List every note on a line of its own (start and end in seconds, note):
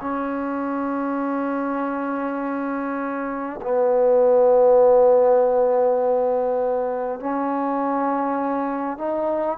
0.00 3.60 C#4
3.62 7.19 B3
7.19 8.98 C#4
8.98 9.58 D#4